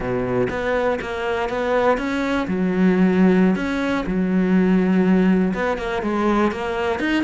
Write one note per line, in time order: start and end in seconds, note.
0.00 0.48 B2
0.49 0.99 B3
1.01 1.49 A#3
1.49 1.97 B3
1.97 2.46 C#4
2.47 3.55 F#3
3.55 4.04 C#4
4.06 5.53 F#3
5.54 5.77 B3
5.77 6.02 A#3
6.02 6.51 G#3
6.51 6.99 A#3
6.99 7.23 D#4